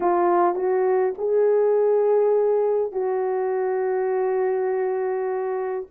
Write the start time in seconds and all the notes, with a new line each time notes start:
0.00 F4
0.55 F#4
1.17 G#4
2.92 F#4